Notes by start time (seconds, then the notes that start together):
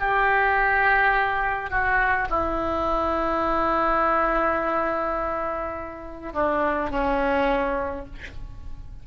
0.00 G4
1.71 F#4
2.30 E4
6.34 D4
6.91 C#4